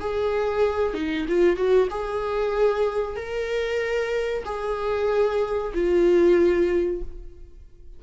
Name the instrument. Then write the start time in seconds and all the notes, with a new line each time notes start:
viola
0.00 G#4
0.94 D#4
1.28 F4
1.56 F#4
1.90 G#4
3.16 A#4
4.45 G#4
5.74 F4